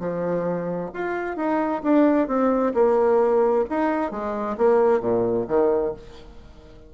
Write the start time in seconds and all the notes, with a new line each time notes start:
0.00 F3
0.94 F4
1.37 D#4
1.83 D4
2.28 C4
2.74 A#3
3.70 D#4
4.11 G#3
4.58 A#3
5.00 A#2
5.48 D#3